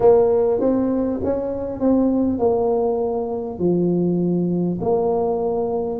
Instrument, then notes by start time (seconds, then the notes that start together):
tuba
0.00 A#3
0.60 C4
1.23 C#4
1.80 C4
2.38 A#3
3.58 F3
4.80 A#3